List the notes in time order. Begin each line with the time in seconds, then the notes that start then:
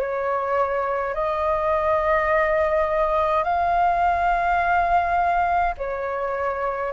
0.00 C#5
1.14 D#5
3.45 F5
5.78 C#5